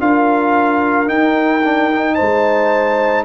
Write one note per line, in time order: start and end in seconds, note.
0.00 1.09 D4
0.00 1.06 F4
0.00 2.15 A#4
0.00 1.09 F5
1.06 1.61 D#4
1.06 2.18 D#4
1.06 2.15 G5
1.65 1.92 D4
1.92 3.25 D#4
2.15 3.25 G#3
2.15 3.25 C5
2.15 3.24 A5